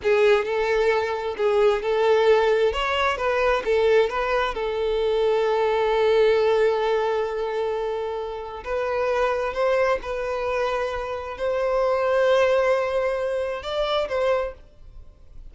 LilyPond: \new Staff \with { instrumentName = "violin" } { \time 4/4 \tempo 4 = 132 gis'4 a'2 gis'4 | a'2 cis''4 b'4 | a'4 b'4 a'2~ | a'1~ |
a'2. b'4~ | b'4 c''4 b'2~ | b'4 c''2.~ | c''2 d''4 c''4 | }